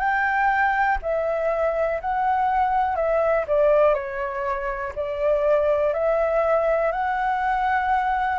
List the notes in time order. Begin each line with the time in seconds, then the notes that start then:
0.00 G5
1.02 E5
2.02 F#5
2.96 E5
3.48 D5
3.95 C#5
4.96 D5
5.94 E5
6.92 F#5